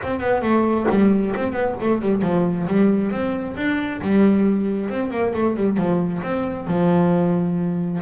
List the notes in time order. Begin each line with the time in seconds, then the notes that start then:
0.02 C4
0.19 B3
0.42 A3
0.90 G3
1.35 C4
1.52 B3
1.80 A3
2.01 G3
2.21 F3
2.67 G3
3.11 C4
3.56 D4
4.01 G3
4.89 C4
5.11 A#3
5.34 A3
5.56 G3
5.77 F3
6.22 C4
6.67 F3